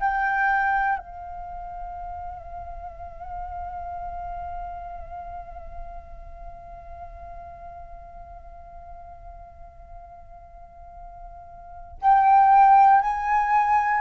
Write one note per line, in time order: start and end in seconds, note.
0.00 0.98 G5
0.98 11.98 F5
12.02 13.01 G5
13.01 14.01 G#5